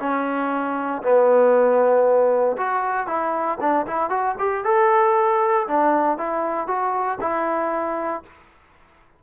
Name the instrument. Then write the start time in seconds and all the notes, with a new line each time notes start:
trombone
0.00 C#4
1.03 B3
2.57 F#4
3.07 E4
3.61 D4
3.87 E4
4.10 F#4
4.39 G4
4.65 A4
5.68 D4
6.18 E4
6.68 F#4
7.21 E4